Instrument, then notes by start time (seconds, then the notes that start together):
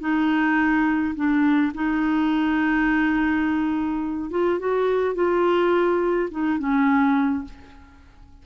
clarinet
0.00 D#4
1.15 D4
1.74 D#4
4.30 F4
4.59 F#4
5.15 F4
6.31 D#4
6.59 C#4